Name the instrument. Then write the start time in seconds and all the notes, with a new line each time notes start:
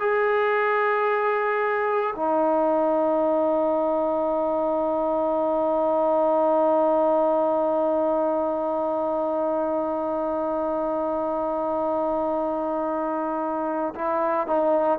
trombone
0.00 G#4
2.15 D#4
13.95 E4
14.47 D#4